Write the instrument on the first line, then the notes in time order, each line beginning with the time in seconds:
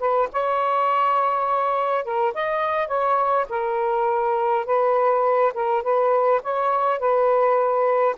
saxophone
0.00 B4
0.33 C#5
2.05 A#4
2.34 D#5
2.88 C#5
3.50 A#4
4.66 B4
5.54 A#4
5.83 B4
6.43 C#5
7.00 B4